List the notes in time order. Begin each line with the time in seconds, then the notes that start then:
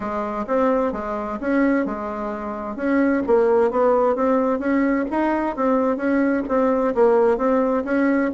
0.00 G#3
0.47 C4
0.92 G#3
1.40 C#4
1.85 G#3
2.76 C#4
3.26 A#3
3.70 B3
4.15 C4
4.59 C#4
5.10 D#4
5.56 C4
5.96 C#4
6.48 C4
6.94 A#3
7.37 C4
7.84 C#4